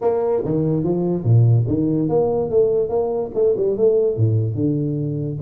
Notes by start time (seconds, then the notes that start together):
0.01 A#3
0.44 D#3
0.83 F3
1.23 A#2
1.67 D#3
2.09 A#3
2.49 A3
2.89 A#3
3.34 A3
3.56 G3
3.77 A3
4.17 A2
4.54 D3